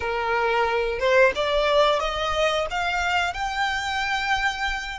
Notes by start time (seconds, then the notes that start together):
0.00 A#4
0.99 C5
1.35 D5
1.99 D#5
2.70 F5
3.33 G5